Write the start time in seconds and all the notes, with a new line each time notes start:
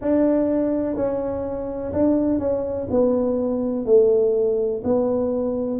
0.00 D4
0.95 C#4
1.93 D4
2.39 C#4
2.90 B3
3.85 A3
4.84 B3